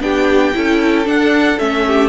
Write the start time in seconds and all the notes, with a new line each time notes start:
0.00 B3 D4 G4 G5
0.53 C#4 E4 A4
1.04 D4 F#5
1.58 A3 C#4 E5
1.86 G4